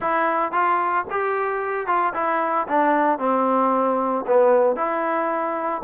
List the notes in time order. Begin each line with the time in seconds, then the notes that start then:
0.00 E4
0.52 F4
1.10 G4
1.86 F4
2.14 E4
2.67 D4
3.19 C4
4.27 B3
4.75 E4